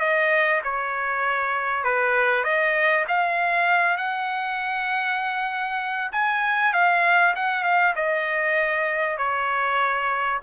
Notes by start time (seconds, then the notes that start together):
0.00 D#5
0.63 C#5
1.84 B4
2.44 D#5
3.08 F5
3.97 F#5
6.12 G#5
6.73 F5
7.36 F#5
7.63 F5
7.96 D#5
9.17 C#5